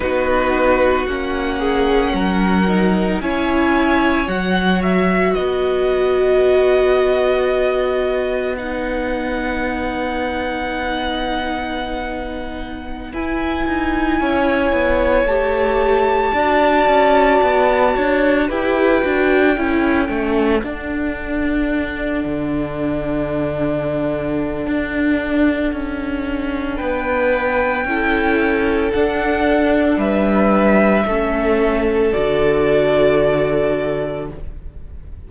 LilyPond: <<
  \new Staff \with { instrumentName = "violin" } { \time 4/4 \tempo 4 = 56 b'4 fis''2 gis''4 | fis''8 e''8 dis''2. | fis''1~ | fis''16 gis''2 a''4.~ a''16~ |
a''4~ a''16 g''2 fis''8.~ | fis''1~ | fis''4 g''2 fis''4 | e''2 d''2 | }
  \new Staff \with { instrumentName = "violin" } { \time 4/4 fis'4. gis'8 ais'4 cis''4~ | cis''4 b'2.~ | b'1~ | b'4~ b'16 cis''2 d''8.~ |
d''8. cis''8 b'4 a'4.~ a'16~ | a'1~ | a'4 b'4 a'2 | b'4 a'2. | }
  \new Staff \with { instrumentName = "viola" } { \time 4/4 dis'4 cis'4. dis'8 e'4 | fis'1 | dis'1~ | dis'16 e'2 g'4 fis'8.~ |
fis'4~ fis'16 g'8 fis'8 e'8 cis'8 d'8.~ | d'1~ | d'2 e'4 d'4~ | d'4 cis'4 fis'2 | }
  \new Staff \with { instrumentName = "cello" } { \time 4/4 b4 ais4 fis4 cis'4 | fis4 b2.~ | b1~ | b16 e'8 dis'8 cis'8 b8 a4 d'8 cis'16~ |
cis'16 b8 d'8 e'8 d'8 cis'8 a8 d'8.~ | d'8. d2~ d16 d'4 | cis'4 b4 cis'4 d'4 | g4 a4 d2 | }
>>